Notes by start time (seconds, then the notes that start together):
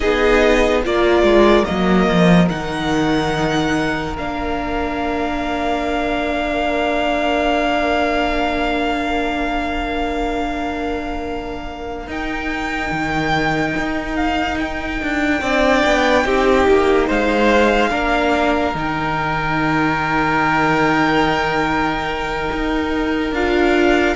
0.00 B3 D#4 G#4 D#5
0.83 A#3 F4 A#4 D5
1.22 G#3
1.65 F#3 A#3 D#5
2.08 F3
2.49 D#3 D#4 F#5
4.17 A#3 D4 F5
12.07 D#4 G5
12.91 D#3
13.76 D#4
14.16 F5
14.59 G5
15.02 D4
15.40 C4 D4 D5
15.85 B3
16.24 C4 D#4 G4
16.68 A#3
17.06 G#3 C5 F5
17.90 A#3 D4 A#4
18.74 D#3 D#4 G5
22.51 D#4
23.32 D4 F4 F5